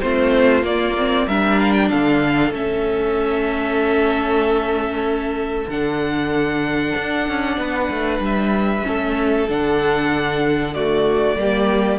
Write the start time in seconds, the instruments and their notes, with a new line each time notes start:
0.00 cello A3, viola C4, violin F4 C5
0.63 viola A#3, cello A#3, violin D5
0.98 viola C4
1.27 cello G3, viola D4, violin A#4 E5
1.59 violin F5
1.72 violin G5
1.89 cello D3, violin A4 F5
2.51 cello A3, viola C#4, violin E5
5.67 cello D3, viola D4, violin F#5
6.96 cello D4
7.28 cello C#4
7.57 cello B3, violin B4
7.90 cello A3
8.19 cello G3, violin E5
8.83 cello A3, viola C#4, violin A4
9.49 cello D3, viola D4, violin F#5
10.74 viola A3, violin F#4 D5
11.35 cello G3, viola A#3, violin G4